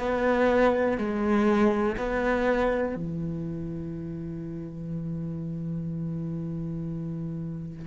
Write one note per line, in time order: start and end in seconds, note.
0.00 0.98 B3
0.98 1.97 G#3
1.98 2.96 B3
2.96 7.87 E3